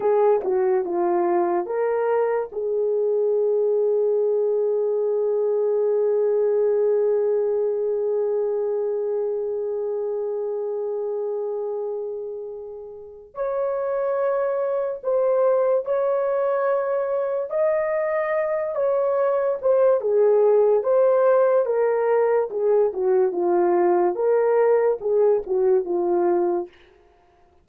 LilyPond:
\new Staff \with { instrumentName = "horn" } { \time 4/4 \tempo 4 = 72 gis'8 fis'8 f'4 ais'4 gis'4~ | gis'1~ | gis'1~ | gis'1 |
cis''2 c''4 cis''4~ | cis''4 dis''4. cis''4 c''8 | gis'4 c''4 ais'4 gis'8 fis'8 | f'4 ais'4 gis'8 fis'8 f'4 | }